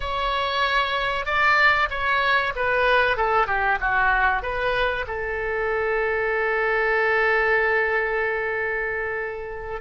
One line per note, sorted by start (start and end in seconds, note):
0.00 1.25 C#5
1.25 1.88 D5
1.89 2.53 C#5
2.55 3.16 B4
3.16 3.47 A4
3.47 3.78 G4
3.80 4.42 F#4
4.42 5.05 B4
5.07 9.81 A4